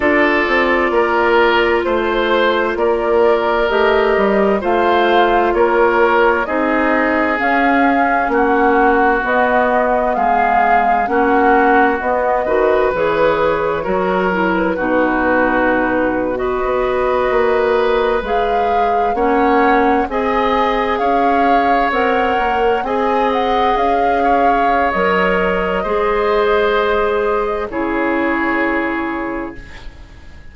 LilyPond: <<
  \new Staff \with { instrumentName = "flute" } { \time 4/4 \tempo 4 = 65 d''2 c''4 d''4 | dis''4 f''4 cis''4 dis''4 | f''4 fis''4 dis''4 f''4 | fis''4 dis''4 cis''4.~ cis''16 b'16~ |
b'4.~ b'16 dis''2 f''16~ | f''8. fis''4 gis''4 f''4 fis''16~ | fis''8. gis''8 fis''8 f''4~ f''16 dis''4~ | dis''2 cis''2 | }
  \new Staff \with { instrumentName = "oboe" } { \time 4/4 a'4 ais'4 c''4 ais'4~ | ais'4 c''4 ais'4 gis'4~ | gis'4 fis'2 gis'4 | fis'4. b'4. ais'4 |
fis'4.~ fis'16 b'2~ b'16~ | b'8. cis''4 dis''4 cis''4~ cis''16~ | cis''8. dis''4. cis''4.~ cis''16 | c''2 gis'2 | }
  \new Staff \with { instrumentName = "clarinet" } { \time 4/4 f'1 | g'4 f'2 dis'4 | cis'2 b2 | cis'4 b8 fis'8 gis'4 fis'8 e'8 |
dis'4.~ dis'16 fis'2 gis'16~ | gis'8. cis'4 gis'2 ais'16~ | ais'8. gis'2~ gis'16 ais'4 | gis'2 e'2 | }
  \new Staff \with { instrumentName = "bassoon" } { \time 4/4 d'8 c'8 ais4 a4 ais4 | a8 g8 a4 ais4 c'4 | cis'4 ais4 b4 gis4 | ais4 b8 dis8 e4 fis4 |
b,2 b8. ais4 gis16~ | gis8. ais4 c'4 cis'4 c'16~ | c'16 ais8 c'4 cis'4~ cis'16 fis4 | gis2 cis2 | }
>>